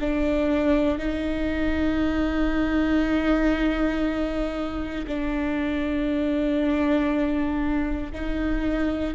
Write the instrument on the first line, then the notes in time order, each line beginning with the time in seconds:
viola
0.00 D4
0.98 D#4
5.07 D4
8.13 D#4